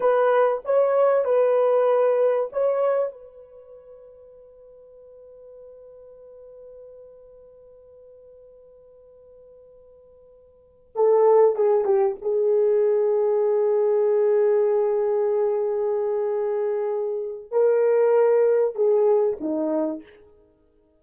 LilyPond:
\new Staff \with { instrumentName = "horn" } { \time 4/4 \tempo 4 = 96 b'4 cis''4 b'2 | cis''4 b'2.~ | b'1~ | b'1~ |
b'4. a'4 gis'8 g'8 gis'8~ | gis'1~ | gis'1 | ais'2 gis'4 dis'4 | }